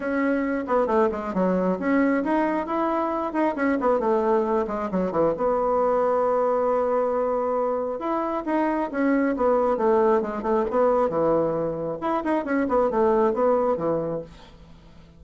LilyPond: \new Staff \with { instrumentName = "bassoon" } { \time 4/4 \tempo 4 = 135 cis'4. b8 a8 gis8 fis4 | cis'4 dis'4 e'4. dis'8 | cis'8 b8 a4. gis8 fis8 e8 | b1~ |
b2 e'4 dis'4 | cis'4 b4 a4 gis8 a8 | b4 e2 e'8 dis'8 | cis'8 b8 a4 b4 e4 | }